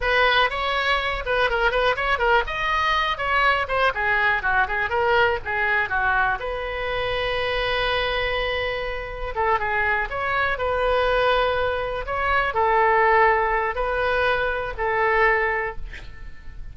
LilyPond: \new Staff \with { instrumentName = "oboe" } { \time 4/4 \tempo 4 = 122 b'4 cis''4. b'8 ais'8 b'8 | cis''8 ais'8 dis''4. cis''4 c''8 | gis'4 fis'8 gis'8 ais'4 gis'4 | fis'4 b'2.~ |
b'2. a'8 gis'8~ | gis'8 cis''4 b'2~ b'8~ | b'8 cis''4 a'2~ a'8 | b'2 a'2 | }